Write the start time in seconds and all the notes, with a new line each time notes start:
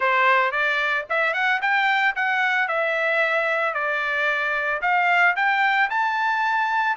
0.00 C5
0.51 D5
1.09 E5
1.33 F#5
1.61 G5
2.15 F#5
2.68 E5
3.74 D5
4.81 F5
5.36 G5
5.90 A5